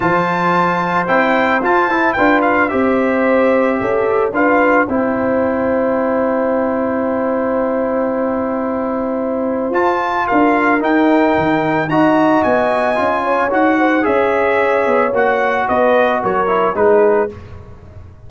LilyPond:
<<
  \new Staff \with { instrumentName = "trumpet" } { \time 4/4 \tempo 4 = 111 a''2 g''4 a''4 | g''8 f''8 e''2. | f''4 g''2.~ | g''1~ |
g''2 a''4 f''4 | g''2 ais''4 gis''4~ | gis''4 fis''4 e''2 | fis''4 dis''4 cis''4 b'4 | }
  \new Staff \with { instrumentName = "horn" } { \time 4/4 c''1 | b'4 c''2 a'4 | b'4 c''2.~ | c''1~ |
c''2. ais'4~ | ais'2 dis''2~ | dis''8 cis''4 c''8 cis''2~ | cis''4 b'4 ais'4 gis'4 | }
  \new Staff \with { instrumentName = "trombone" } { \time 4/4 f'2 e'4 f'8 e'8 | f'4 g'2. | f'4 e'2.~ | e'1~ |
e'2 f'2 | dis'2 fis'2 | f'4 fis'4 gis'2 | fis'2~ fis'8 e'8 dis'4 | }
  \new Staff \with { instrumentName = "tuba" } { \time 4/4 f2 c'4 f'8 e'8 | d'4 c'2 cis'4 | d'4 c'2.~ | c'1~ |
c'2 f'4 d'4 | dis'4 dis4 dis'4 b4 | cis'4 dis'4 cis'4. b8 | ais4 b4 fis4 gis4 | }
>>